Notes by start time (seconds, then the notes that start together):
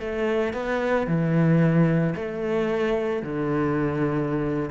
0.00 A3
0.54 B3
1.07 E3
2.16 A3
3.23 D3